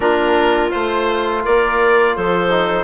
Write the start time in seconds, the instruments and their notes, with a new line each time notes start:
0.00 bassoon A#3, trombone D4, clarinet F4, oboe A#4
0.69 bassoon A3, trombone F4, oboe C5
1.43 bassoon A#3, clarinet A#4, oboe D5
2.15 bassoon F3, clarinet A4, oboe C5
2.50 trombone D#4